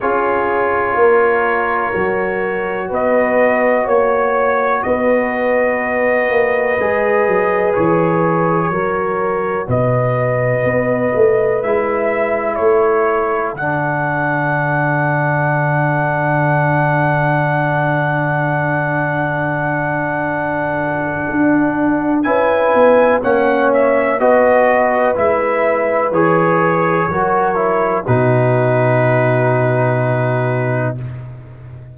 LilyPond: <<
  \new Staff \with { instrumentName = "trumpet" } { \time 4/4 \tempo 4 = 62 cis''2. dis''4 | cis''4 dis''2. | cis''2 dis''2 | e''4 cis''4 fis''2~ |
fis''1~ | fis''2. gis''4 | fis''8 e''8 dis''4 e''4 cis''4~ | cis''4 b'2. | }
  \new Staff \with { instrumentName = "horn" } { \time 4/4 gis'4 ais'2 b'4 | cis''4 b'2.~ | b'4 ais'4 b'2~ | b'4 a'2.~ |
a'1~ | a'2. b'4 | cis''4 b'2. | ais'4 fis'2. | }
  \new Staff \with { instrumentName = "trombone" } { \time 4/4 f'2 fis'2~ | fis'2. gis'4~ | gis'4 fis'2. | e'2 d'2~ |
d'1~ | d'2. e'4 | cis'4 fis'4 e'4 gis'4 | fis'8 e'8 dis'2. | }
  \new Staff \with { instrumentName = "tuba" } { \time 4/4 cis'4 ais4 fis4 b4 | ais4 b4. ais8 gis8 fis8 | e4 fis4 b,4 b8 a8 | gis4 a4 d2~ |
d1~ | d2 d'4 cis'8 b8 | ais4 b4 gis4 e4 | fis4 b,2. | }
>>